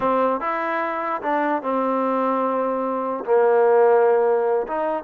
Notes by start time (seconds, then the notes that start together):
0.00 C4
0.40 E4
1.22 D4
1.62 C4
3.24 A#3
4.67 D#4